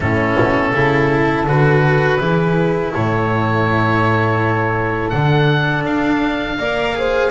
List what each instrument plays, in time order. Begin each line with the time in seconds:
0.00 double bass A2, cello C#4, horn E4, oboe A4
0.38 double bass B2
0.73 double bass C#3, cello E4, horn A4
1.46 double bass D3, cello F#4, oboe B4
2.19 double bass E3, cello E4, horn G#4
2.91 double bass A2, horn A4, oboe C#5
5.09 double bass D3, cello D4, oboe F#5
5.84 double bass D4, oboe F5
6.58 double bass A#3, cello A#4, horn D5
6.94 cello G#4, horn C5